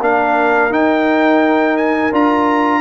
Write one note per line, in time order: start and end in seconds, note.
0.00 0.71 A#3
0.00 0.71 D4
0.00 2.81 A#4
0.00 0.73 F5
0.71 2.12 D#4
0.71 1.77 G5
1.77 2.12 G#5
2.13 2.81 D4
2.13 2.81 F4
2.13 2.81 A#5